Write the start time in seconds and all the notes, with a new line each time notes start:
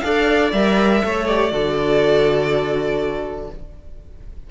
0.00 D4 A4 D5 F5
0.52 G3 A#4 E5
1.03 A3 A4 C#5
1.27 G4 D5
1.51 D3 F#4 A4